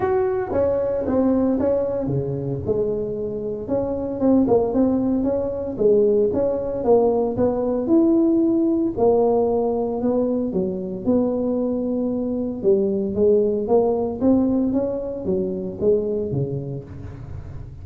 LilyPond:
\new Staff \with { instrumentName = "tuba" } { \time 4/4 \tempo 4 = 114 fis'4 cis'4 c'4 cis'4 | cis4 gis2 cis'4 | c'8 ais8 c'4 cis'4 gis4 | cis'4 ais4 b4 e'4~ |
e'4 ais2 b4 | fis4 b2. | g4 gis4 ais4 c'4 | cis'4 fis4 gis4 cis4 | }